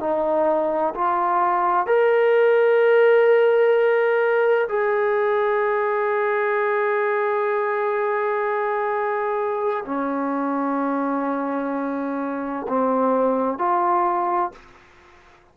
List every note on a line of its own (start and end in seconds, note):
0.00 0.94 D#4
0.95 1.87 F4
1.87 4.68 A#4
4.69 9.84 G#4
9.86 12.67 C#4
12.68 13.58 C4
13.58 14.52 F4